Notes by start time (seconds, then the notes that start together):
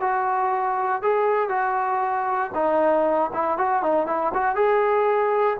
0.00 F#4
1.02 G#4
1.49 F#4
2.54 D#4
3.33 E4
3.57 F#4
3.82 D#4
4.06 E4
4.33 F#4
4.55 G#4